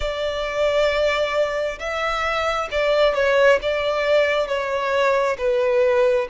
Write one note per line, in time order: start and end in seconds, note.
0.00 1.78 D5
1.79 2.69 E5
2.71 3.14 D5
3.14 3.59 C#5
3.62 4.47 D5
4.47 5.36 C#5
5.38 6.27 B4